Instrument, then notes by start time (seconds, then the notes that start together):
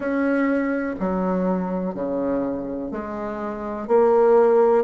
bassoon
0.00 C#4
0.99 F#3
1.94 C#3
2.91 G#3
3.87 A#3